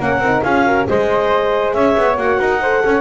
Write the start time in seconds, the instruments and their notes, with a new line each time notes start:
0.00 double bass A#3, horn C#4, flute A#4, clarinet F#5
0.19 double bass C4
0.26 horn D#4
0.43 double bass C#4, horn F4, flute G#4, clarinet F5
0.66 horn F#4, flute A#4
0.85 double bass G#3, horn G#4, flute C5, clarinet D#5
1.74 double bass C#4, flute C#5, clarinet E5
1.98 double bass B3
2.17 double bass A#3, horn F#4, clarinet F#5
2.40 double bass D#4, flute A#4
2.62 horn A4, flute C5
2.85 double bass C#4, flute C#5